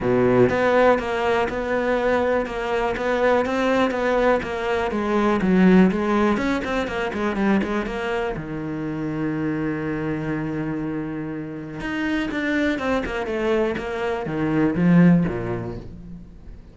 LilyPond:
\new Staff \with { instrumentName = "cello" } { \time 4/4 \tempo 4 = 122 b,4 b4 ais4 b4~ | b4 ais4 b4 c'4 | b4 ais4 gis4 fis4 | gis4 cis'8 c'8 ais8 gis8 g8 gis8 |
ais4 dis2.~ | dis1 | dis'4 d'4 c'8 ais8 a4 | ais4 dis4 f4 ais,4 | }